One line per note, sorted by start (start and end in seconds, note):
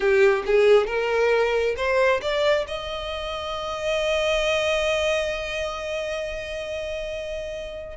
0.00 0.43 G4
0.46 0.87 G#4
0.87 1.75 A#4
1.76 2.21 C5
2.21 2.65 D5
2.67 7.97 D#5